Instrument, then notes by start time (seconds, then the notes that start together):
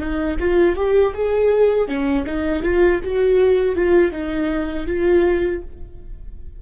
viola
0.00 D#4
0.40 F4
0.76 G4
1.14 G#4
1.88 C#4
2.26 D#4
2.63 F4
3.04 F#4
3.76 F4
4.12 D#4
4.87 F4